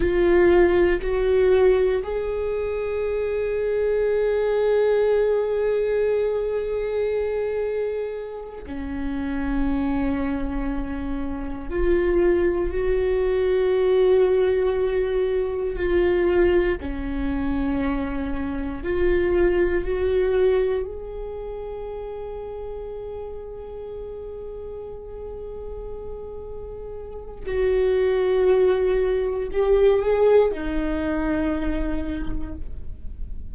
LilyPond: \new Staff \with { instrumentName = "viola" } { \time 4/4 \tempo 4 = 59 f'4 fis'4 gis'2~ | gis'1~ | gis'8 cis'2. f'8~ | f'8 fis'2. f'8~ |
f'8 cis'2 f'4 fis'8~ | fis'8 gis'2.~ gis'8~ | gis'2. fis'4~ | fis'4 g'8 gis'8 dis'2 | }